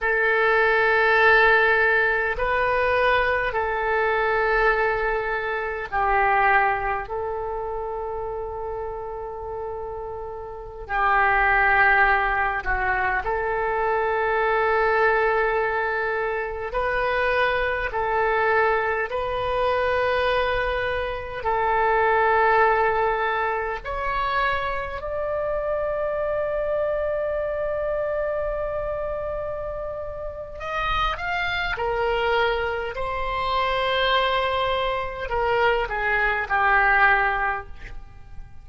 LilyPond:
\new Staff \with { instrumentName = "oboe" } { \time 4/4 \tempo 4 = 51 a'2 b'4 a'4~ | a'4 g'4 a'2~ | a'4~ a'16 g'4. fis'8 a'8.~ | a'2~ a'16 b'4 a'8.~ |
a'16 b'2 a'4.~ a'16~ | a'16 cis''4 d''2~ d''8.~ | d''2 dis''8 f''8 ais'4 | c''2 ais'8 gis'8 g'4 | }